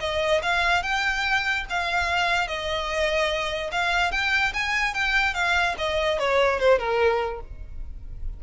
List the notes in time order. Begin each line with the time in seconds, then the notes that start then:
0.00 D#5
0.42 F5
0.83 G5
1.70 F5
2.48 D#5
3.72 F5
4.12 G5
4.54 G#5
4.94 G5
5.34 F5
5.78 D#5
6.19 C#5
6.60 C5
6.79 A#4